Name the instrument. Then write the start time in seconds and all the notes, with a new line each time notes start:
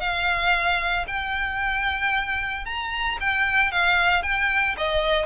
violin
0.00 F5
1.07 G5
2.65 A#5
3.20 G5
3.71 F5
4.22 G5
4.78 D#5